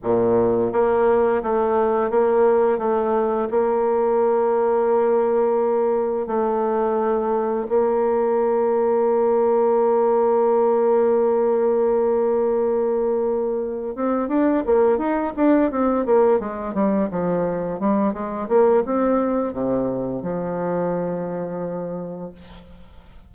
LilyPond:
\new Staff \with { instrumentName = "bassoon" } { \time 4/4 \tempo 4 = 86 ais,4 ais4 a4 ais4 | a4 ais2.~ | ais4 a2 ais4~ | ais1~ |
ais1 | c'8 d'8 ais8 dis'8 d'8 c'8 ais8 gis8 | g8 f4 g8 gis8 ais8 c'4 | c4 f2. | }